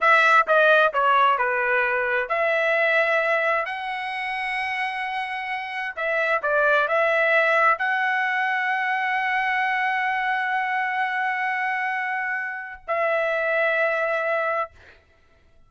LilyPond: \new Staff \with { instrumentName = "trumpet" } { \time 4/4 \tempo 4 = 131 e''4 dis''4 cis''4 b'4~ | b'4 e''2. | fis''1~ | fis''4 e''4 d''4 e''4~ |
e''4 fis''2.~ | fis''1~ | fis''1 | e''1 | }